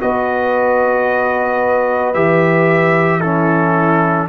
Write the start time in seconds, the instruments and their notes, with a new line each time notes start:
0.00 tuba B3, trombone F#4, horn B4, trumpet D#5
2.14 tuba E3, trombone G4, trumpet E5
3.20 trombone C#4, horn E4, trumpet A4